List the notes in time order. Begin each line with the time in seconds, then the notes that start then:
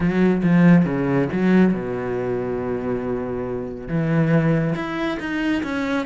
0.00 F#3
0.43 F3
0.85 C#3
1.32 F#3
1.73 B2
3.88 E3
4.75 E4
5.19 D#4
5.63 C#4